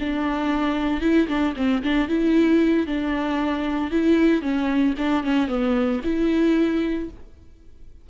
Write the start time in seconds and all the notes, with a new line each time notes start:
0.00 D4
1.01 E4
1.28 D4
1.56 C4
1.83 D4
2.09 E4
2.87 D4
3.91 E4
4.42 C#4
4.98 D4
5.24 C#4
5.48 B3
6.04 E4